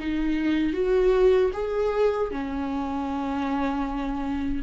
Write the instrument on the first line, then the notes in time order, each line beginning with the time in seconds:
viola
0.00 D#4
0.74 F#4
1.54 G#4
2.32 C#4